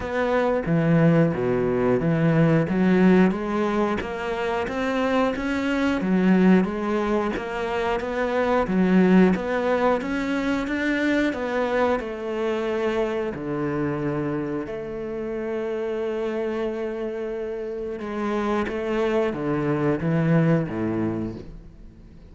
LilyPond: \new Staff \with { instrumentName = "cello" } { \time 4/4 \tempo 4 = 90 b4 e4 b,4 e4 | fis4 gis4 ais4 c'4 | cis'4 fis4 gis4 ais4 | b4 fis4 b4 cis'4 |
d'4 b4 a2 | d2 a2~ | a2. gis4 | a4 d4 e4 a,4 | }